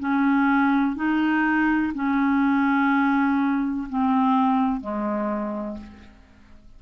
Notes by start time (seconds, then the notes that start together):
0.00 C#4
0.96 D#4
1.95 C#4
3.90 C4
4.81 G#3